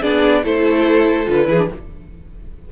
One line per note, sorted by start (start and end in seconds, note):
0.00 0.44 B3
0.00 0.43 D4
0.00 0.42 G#4
0.00 0.44 D5
0.43 1.27 A3
0.43 1.26 E4
0.43 1.48 A4
0.43 1.29 C5
1.26 1.48 D3
1.26 1.46 F4
1.26 1.72 B4
1.46 1.69 E3
1.46 1.57 E4
1.46 1.70 G#4
1.57 1.68 D4